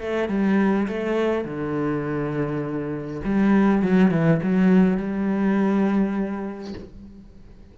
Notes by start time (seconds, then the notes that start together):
0.00 A3
0.29 G3
0.88 A3
1.45 D3
3.25 G3
3.82 F#3
4.11 E3
4.43 F#3
4.97 G3